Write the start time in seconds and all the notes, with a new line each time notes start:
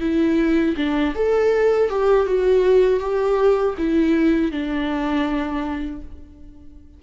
0.00 E4
0.76 D4
1.15 A4
1.89 G4
2.26 F#4
2.99 G4
3.77 E4
4.51 D4